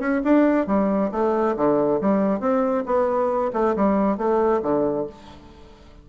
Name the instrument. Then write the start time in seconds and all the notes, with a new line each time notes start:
bassoon
0.00 C#4
0.24 D4
0.67 G3
1.12 A3
1.57 D3
2.02 G3
2.40 C4
2.86 B3
3.54 A3
3.76 G3
4.18 A3
4.63 D3